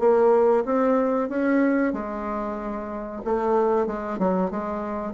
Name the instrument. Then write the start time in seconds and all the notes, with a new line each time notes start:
bassoon
0.00 A#3
0.65 C4
1.29 C#4
1.93 G#3
3.25 A3
3.87 G#3
4.19 F#3
4.51 G#3